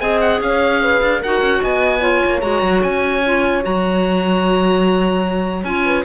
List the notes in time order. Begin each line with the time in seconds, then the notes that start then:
0.00 C4 G#4 D#5 G#5
0.21 F#5
0.41 C#4 C#5 F5
0.82 B4
1.02 D4
1.20 D#4 F#4 A#4 F#5
1.41 C#4
1.62 B3 D#5 G#5
1.99 F4 C#5
2.25 A#3
2.40 G#3 F#4 A#5
2.62 F#3
2.83 C#4 G#5
3.26 F4
3.62 F#3 F#4 A#5
5.64 C#4 F4 G#5
5.85 B4